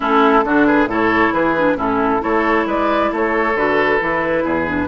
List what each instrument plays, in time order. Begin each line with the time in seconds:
0.00 bassoon A3, clarinet C#4, oboe E4, flute A4
0.44 bassoon D3, clarinet D4, oboe F#4
0.65 oboe G#4, flute B4
0.86 bassoon A2, clarinet E4, oboe A4, flute C#5
1.33 bassoon E3, oboe G#4, flute B4
1.56 clarinet D4
1.75 bassoon A2, clarinet C#4, oboe E4, flute A4
2.19 bassoon A3, clarinet E4, oboe A4, flute C#5
2.66 bassoon G#3, oboe B4, flute D5
3.12 bassoon A3, oboe A4, flute C#5
3.55 bassoon D3, clarinet F#4, flute B4
3.99 bassoon E3, clarinet E4
4.43 bassoon E2, oboe G#4
4.66 clarinet D4